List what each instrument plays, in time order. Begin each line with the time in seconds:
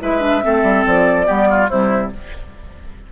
0.00 bassoon G#3, clarinet E4, oboe B4, flute E5
0.20 clarinet D4
0.43 bassoon A3, clarinet C4, oboe A4
0.63 bassoon G3
0.86 bassoon F3, flute D5
1.25 bassoon G3, clarinet B3, oboe G4
1.49 oboe F4
1.69 bassoon C3, clarinet G3, oboe E4, flute C5